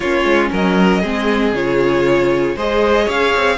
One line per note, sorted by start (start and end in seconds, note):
0.00 0.24 A#3
0.00 1.03 C#4
0.00 0.50 F4
0.00 0.49 C#5
0.24 0.49 G#3
0.51 1.03 F#3
0.51 1.01 A#4
0.51 1.55 D#5
1.01 1.53 G#3
1.01 1.54 C4
1.01 2.55 G#4
1.53 2.55 C#3
1.53 2.57 F4
1.53 2.57 C#5
2.55 3.07 G#3
2.55 3.57 G#4
2.55 3.04 C5
2.55 3.09 D#5
3.04 3.33 C#4
3.04 3.56 C#5
3.04 3.57 F5
3.35 3.57 C4